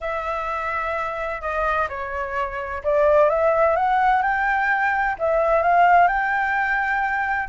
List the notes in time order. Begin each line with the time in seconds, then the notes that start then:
0.00 E5
1.41 D#5
1.89 C#5
2.83 D5
3.29 E5
3.76 F#5
4.22 G5
5.19 E5
5.62 F5
6.07 G5